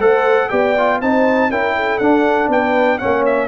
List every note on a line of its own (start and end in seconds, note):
0.00 0.50 A3
0.00 0.51 A4
0.00 0.50 C5
0.00 0.50 F#5
0.50 1.02 B3
0.50 0.76 G4
0.50 1.01 D5
0.50 1.00 G5
0.78 1.03 F4
1.02 1.50 C4
1.02 1.52 D#4
1.02 1.51 C5
1.02 1.52 A5
1.50 2.00 C#4
1.50 2.01 E4
1.50 1.76 A#4
1.50 1.99 G5
1.76 2.51 A4
1.99 2.49 D4
1.99 3.00 D4
1.99 2.49 F#5
2.49 2.99 B3
2.49 2.99 B4
2.49 2.99 G5
2.99 3.49 C#4
2.99 3.49 C#5
2.99 3.24 F#5
3.05 3.49 A#3
3.26 3.49 E5